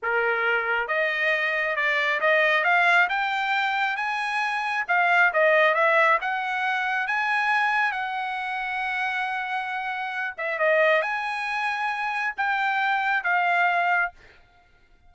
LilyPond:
\new Staff \with { instrumentName = "trumpet" } { \time 4/4 \tempo 4 = 136 ais'2 dis''2 | d''4 dis''4 f''4 g''4~ | g''4 gis''2 f''4 | dis''4 e''4 fis''2 |
gis''2 fis''2~ | fis''2.~ fis''8 e''8 | dis''4 gis''2. | g''2 f''2 | }